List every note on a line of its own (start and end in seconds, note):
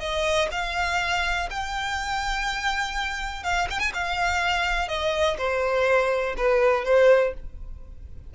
0.00 0.49 D#5
0.52 1.49 F5
1.50 3.43 G5
3.43 3.68 F5
3.70 3.80 G5
3.80 3.92 G#5
3.94 4.88 F5
4.88 5.37 D#5
5.38 6.35 C5
6.37 6.85 B4
6.85 7.34 C5